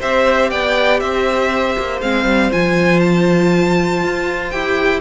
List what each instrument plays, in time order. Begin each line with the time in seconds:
0.00 cello C4, viola G4, violin C5 E5
0.50 cello B3, violin D5 G5
1.00 cello C4, violin C5 E5
1.79 cello A#3
2.02 cello G#3, viola C4, violin F5
2.25 cello G3
2.52 cello F3, viola F4, violin G#5
3.00 violin A5
4.04 cello F4
4.51 cello E4, viola G4, violin G5